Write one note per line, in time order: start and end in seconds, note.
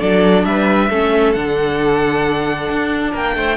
0.00 0.45 F#3
0.00 0.90 D4
0.00 0.45 A4
0.00 0.45 D5
0.45 0.89 G3
0.45 0.90 B4
0.45 1.33 E5
0.90 1.35 A3
0.90 1.36 C#4
0.90 3.11 A4
1.33 2.69 D3
1.33 3.56 D4
1.33 3.12 F#5
2.69 3.14 D4
3.11 3.36 A#3
3.11 3.34 A#4
3.11 3.56 G5
3.36 3.56 A3
3.36 3.56 C5